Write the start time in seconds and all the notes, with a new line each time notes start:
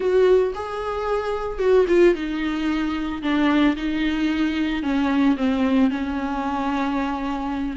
0.00 F#4
0.54 G#4
1.59 F#4
1.87 F4
2.14 D#4
3.22 D4
3.76 D#4
4.83 C#4
5.36 C4
5.90 C#4